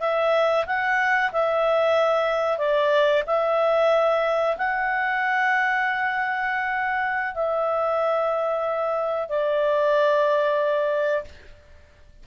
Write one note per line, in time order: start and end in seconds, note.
0.00 0.65 E5
0.66 1.31 F#5
1.32 2.58 E5
2.58 3.23 D5
3.26 4.57 E5
4.57 7.34 F#5
7.34 9.29 E5
9.29 11.24 D5